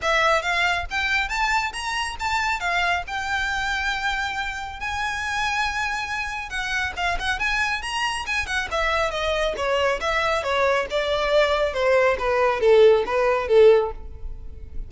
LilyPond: \new Staff \with { instrumentName = "violin" } { \time 4/4 \tempo 4 = 138 e''4 f''4 g''4 a''4 | ais''4 a''4 f''4 g''4~ | g''2. gis''4~ | gis''2. fis''4 |
f''8 fis''8 gis''4 ais''4 gis''8 fis''8 | e''4 dis''4 cis''4 e''4 | cis''4 d''2 c''4 | b'4 a'4 b'4 a'4 | }